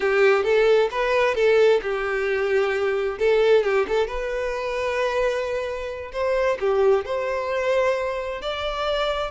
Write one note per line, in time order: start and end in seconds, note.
0.00 0.43 G4
0.43 0.89 A4
0.91 1.35 B4
1.35 1.80 A4
1.82 3.18 G4
3.18 3.63 A4
3.63 3.86 G4
3.88 4.07 A4
4.07 6.11 B4
6.12 6.58 C5
6.60 7.05 G4
7.05 8.41 C5
8.41 9.31 D5